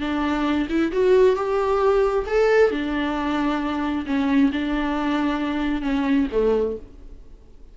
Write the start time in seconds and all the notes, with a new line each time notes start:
0.00 D4
0.69 E4
0.92 F#4
1.36 G4
2.26 A4
2.71 D4
4.06 C#4
4.52 D4
5.82 C#4
6.32 A3